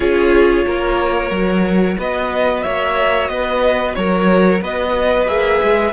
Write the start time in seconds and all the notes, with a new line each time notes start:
0.00 C#4 F4 G#4 C#5
0.65 A#3 A#4
1.30 F#3 F#4
1.98 B3 B4 D#5
2.62 A#3 C#5 E5
3.28 B3 B4 D#5
3.94 F#3 A#4 C#5
4.61 B3 B4 D#5
5.26 A#3 G#4 E5
5.62 G#3